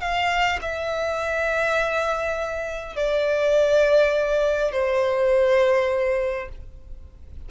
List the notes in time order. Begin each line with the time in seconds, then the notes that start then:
0.00 F5
0.61 E5
2.96 D5
4.72 C5